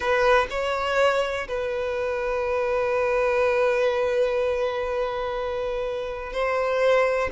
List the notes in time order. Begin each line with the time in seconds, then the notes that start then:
0.00 B4
0.50 C#5
1.47 B4
6.32 C5